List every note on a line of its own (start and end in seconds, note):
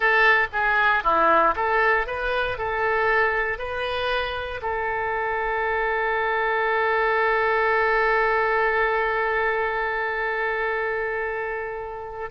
0.00 0.47 A4
0.52 1.03 G#4
1.03 1.55 E4
1.55 2.07 A4
2.07 2.58 B4
2.58 3.58 A4
3.58 4.61 B4
4.62 12.30 A4